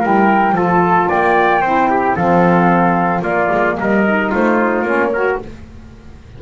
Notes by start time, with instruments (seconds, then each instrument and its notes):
0.00 double bass G3, saxophone E4, trumpet A#4, flute G5
0.53 double bass F3, saxophone F4, trumpet A4
0.60 flute A5
1.08 double bass A#3, trumpet D5, flute G5
1.62 double bass C4, saxophone E4, trumpet C5
1.90 trumpet G4
2.15 double bass F3, saxophone C4, trumpet A4, flute F5
3.22 double bass A#3, saxophone A#3, trumpet F4, flute D5
3.52 double bass G#3
3.80 double bass G3, trumpet A#4, flute D#5
4.06 saxophone D#4
4.30 double bass A3, trumpet F4, flute C5
4.82 double bass A#3, saxophone C#4, flute C#5
5.13 saxophone F#4, trumpet A#4